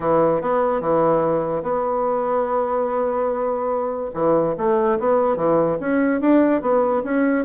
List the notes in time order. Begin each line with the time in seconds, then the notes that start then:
0.00 E3
0.41 B3
0.80 E3
1.62 B3
4.14 E3
4.57 A3
4.99 B3
5.36 E3
5.79 C#4
6.20 D4
6.61 B3
7.04 C#4